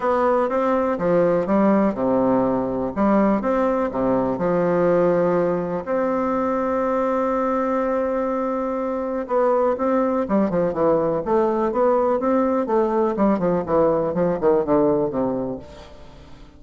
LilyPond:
\new Staff \with { instrumentName = "bassoon" } { \time 4/4 \tempo 4 = 123 b4 c'4 f4 g4 | c2 g4 c'4 | c4 f2. | c'1~ |
c'2. b4 | c'4 g8 f8 e4 a4 | b4 c'4 a4 g8 f8 | e4 f8 dis8 d4 c4 | }